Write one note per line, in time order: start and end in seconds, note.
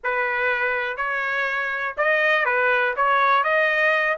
0.03 0.96 B4
0.96 1.95 C#5
1.97 2.45 D#5
2.45 2.94 B4
2.96 3.43 C#5
3.43 4.17 D#5